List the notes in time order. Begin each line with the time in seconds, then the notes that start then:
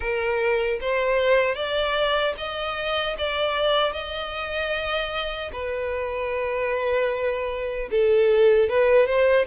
0.00 A#4
0.81 C5
1.55 D5
2.37 D#5
3.18 D5
3.93 D#5
5.52 B4
7.91 A4
8.69 B4
9.06 C5